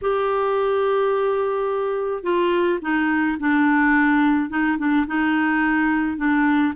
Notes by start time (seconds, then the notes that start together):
0.01 G4
2.23 F4
2.81 D#4
3.39 D4
4.49 D#4
4.77 D4
5.06 D#4
6.17 D4